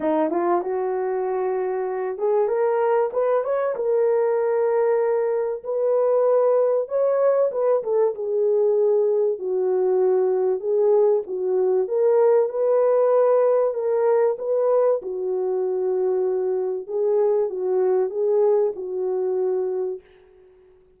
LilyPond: \new Staff \with { instrumentName = "horn" } { \time 4/4 \tempo 4 = 96 dis'8 f'8 fis'2~ fis'8 gis'8 | ais'4 b'8 cis''8 ais'2~ | ais'4 b'2 cis''4 | b'8 a'8 gis'2 fis'4~ |
fis'4 gis'4 fis'4 ais'4 | b'2 ais'4 b'4 | fis'2. gis'4 | fis'4 gis'4 fis'2 | }